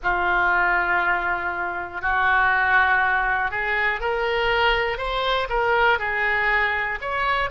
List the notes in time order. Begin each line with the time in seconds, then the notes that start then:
0.03 F4
2.01 F#4
3.50 G#4
4.00 A#4
4.97 C5
5.49 A#4
5.99 G#4
7.00 C#5